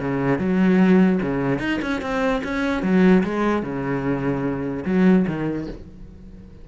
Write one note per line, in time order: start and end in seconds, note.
0.00 0.39 C#3
0.39 1.20 F#3
1.22 1.59 C#3
1.59 1.80 D#4
1.82 2.02 C#4
2.02 2.42 C4
2.44 2.83 C#4
2.83 3.23 F#3
3.24 3.63 G#3
3.63 4.84 C#3
4.85 5.26 F#3
5.27 5.68 D#3